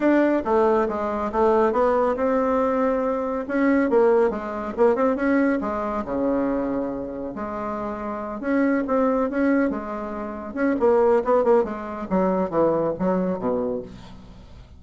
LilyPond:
\new Staff \with { instrumentName = "bassoon" } { \time 4/4 \tempo 4 = 139 d'4 a4 gis4 a4 | b4 c'2. | cis'4 ais4 gis4 ais8 c'8 | cis'4 gis4 cis2~ |
cis4 gis2~ gis8 cis'8~ | cis'8 c'4 cis'4 gis4.~ | gis8 cis'8 ais4 b8 ais8 gis4 | fis4 e4 fis4 b,4 | }